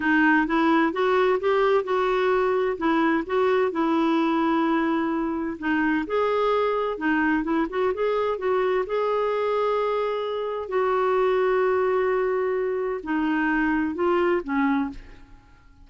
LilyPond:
\new Staff \with { instrumentName = "clarinet" } { \time 4/4 \tempo 4 = 129 dis'4 e'4 fis'4 g'4 | fis'2 e'4 fis'4 | e'1 | dis'4 gis'2 dis'4 |
e'8 fis'8 gis'4 fis'4 gis'4~ | gis'2. fis'4~ | fis'1 | dis'2 f'4 cis'4 | }